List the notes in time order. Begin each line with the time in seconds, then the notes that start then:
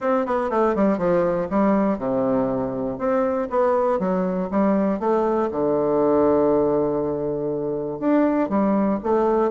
0.00 C4
0.26 B3
0.50 A3
0.75 G3
0.97 F3
1.50 G3
1.98 C3
2.98 C4
3.50 B3
3.99 F#3
4.50 G3
4.99 A3
5.51 D3
7.99 D4
8.49 G3
9.03 A3